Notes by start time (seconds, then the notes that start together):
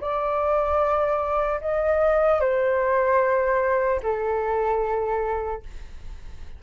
0.00 D5
1.60 D#5
2.40 C5
4.02 A4